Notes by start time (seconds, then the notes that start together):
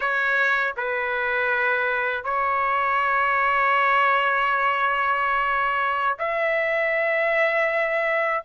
0.00 C#5
0.76 B4
2.23 C#5
6.18 E5